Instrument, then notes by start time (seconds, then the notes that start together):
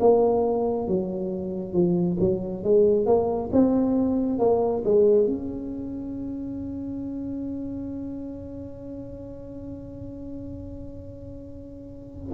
tuba
0.00 A#3
0.88 F#3
1.73 F3
2.20 F#3
2.64 G#3
3.06 A#3
3.53 C4
4.39 A#3
4.84 G#3
5.27 C#4